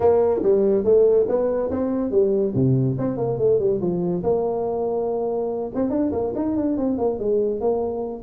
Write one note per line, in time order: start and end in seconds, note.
0.00 0.41 A#3
0.42 0.84 G3
0.84 1.26 A3
1.28 1.70 B3
1.71 2.11 C4
2.11 2.53 G3
2.54 2.97 C3
2.98 3.17 C4
3.17 3.38 A#3
3.38 3.59 A3
3.59 3.80 G3
3.80 4.23 F3
4.23 5.71 A#3
5.74 5.90 C4
5.90 6.11 D4
6.12 6.33 A#3
6.35 6.56 D#4
6.56 6.77 D4
6.77 6.98 C4
6.98 7.19 A#3
7.19 7.60 G#3
7.60 8.22 A#3